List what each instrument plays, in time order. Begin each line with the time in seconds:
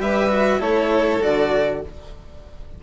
0.00 bassoon G3, cello G4, violin B4 E5
0.30 cello F#4
0.60 bassoon A3, cello E4, violin A4 C#5
1.21 bassoon D3, cello F#4, violin D5